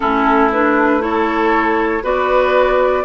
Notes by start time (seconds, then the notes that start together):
0.00 A3 C#4 E4 A4
0.52 D4 B4
1.00 E4 A4 C#5
2.02 B3 F#4 B4 D5